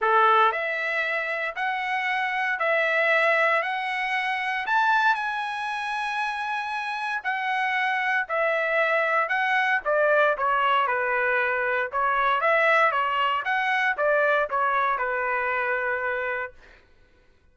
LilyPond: \new Staff \with { instrumentName = "trumpet" } { \time 4/4 \tempo 4 = 116 a'4 e''2 fis''4~ | fis''4 e''2 fis''4~ | fis''4 a''4 gis''2~ | gis''2 fis''2 |
e''2 fis''4 d''4 | cis''4 b'2 cis''4 | e''4 cis''4 fis''4 d''4 | cis''4 b'2. | }